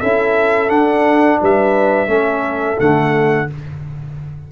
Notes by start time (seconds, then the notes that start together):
0.00 C#4 E4 A4 E5
0.68 D4 F#5
1.41 G3 B4 E5
2.07 A3 C#4 A4
2.78 D3 A3 F#5